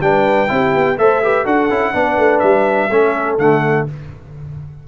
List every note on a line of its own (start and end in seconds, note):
0.00 0.48 G3
0.00 0.47 D4
0.00 0.51 B4
0.00 0.97 G5
0.47 0.74 C4
0.47 0.95 E4
0.47 0.99 G4
0.74 0.97 B3
0.97 1.45 A3
0.97 1.22 A4
0.97 1.23 C5
0.97 1.46 E5
1.23 1.45 G4
1.23 1.44 B4
1.44 1.69 D4
1.44 1.69 F#4
1.44 1.92 A4
1.44 2.39 F#5
1.69 1.93 C#4
1.69 1.93 E4
1.93 2.17 B3
1.93 2.89 D4
1.93 2.91 B4
2.17 2.41 A3
2.39 2.90 G3
2.39 3.35 E5
2.90 3.38 A3
2.90 3.38 C#4
2.90 3.87 A4
3.38 3.85 D3
3.38 3.87 A3
3.38 3.86 F#5